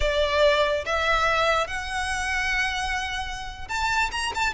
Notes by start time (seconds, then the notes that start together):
0.00 D5
0.85 E5
1.67 F#5
3.68 A5
4.11 A#5
4.34 A5